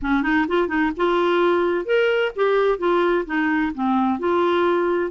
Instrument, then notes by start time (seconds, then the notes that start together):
clarinet
0.01 C#4
0.22 D#4
0.48 F4
0.68 D#4
0.96 F4
1.85 A#4
2.35 G4
2.78 F4
3.25 D#4
3.74 C4
4.19 F4